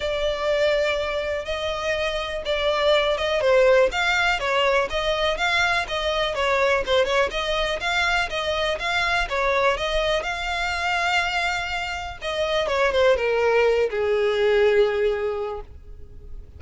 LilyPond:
\new Staff \with { instrumentName = "violin" } { \time 4/4 \tempo 4 = 123 d''2. dis''4~ | dis''4 d''4. dis''8 c''4 | f''4 cis''4 dis''4 f''4 | dis''4 cis''4 c''8 cis''8 dis''4 |
f''4 dis''4 f''4 cis''4 | dis''4 f''2.~ | f''4 dis''4 cis''8 c''8 ais'4~ | ais'8 gis'2.~ gis'8 | }